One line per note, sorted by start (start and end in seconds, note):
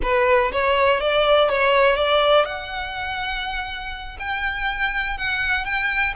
0.02 0.51 B4
0.51 1.00 C#5
1.00 1.49 D5
1.49 1.96 C#5
1.96 2.45 D5
2.45 4.17 F#5
4.19 5.17 G5
5.17 5.64 F#5
5.64 6.13 G5